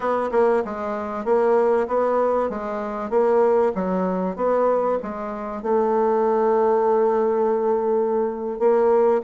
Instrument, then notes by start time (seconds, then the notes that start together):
bassoon
0.00 B3
0.31 A#3
0.64 G#3
1.24 A#3
1.87 B3
2.49 G#3
3.09 A#3
3.74 F#3
4.36 B3
5.02 G#3
5.62 A3
8.59 A#3